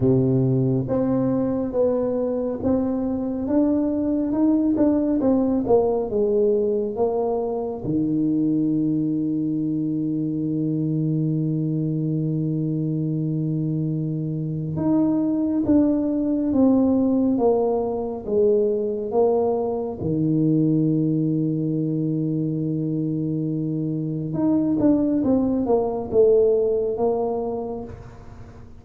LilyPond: \new Staff \with { instrumentName = "tuba" } { \time 4/4 \tempo 4 = 69 c4 c'4 b4 c'4 | d'4 dis'8 d'8 c'8 ais8 gis4 | ais4 dis2.~ | dis1~ |
dis4 dis'4 d'4 c'4 | ais4 gis4 ais4 dis4~ | dis1 | dis'8 d'8 c'8 ais8 a4 ais4 | }